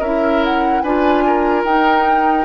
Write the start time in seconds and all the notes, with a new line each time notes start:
0.00 C#4 E4 A#4 E5
0.45 F#5
0.82 D4 F4 B4 G#5
1.27 A#4
1.64 D#4 G5